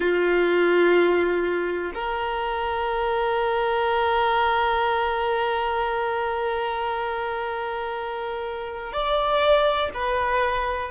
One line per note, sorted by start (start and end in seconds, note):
0.00 1.92 F4
1.94 8.93 A#4
8.93 9.89 D5
9.94 10.90 B4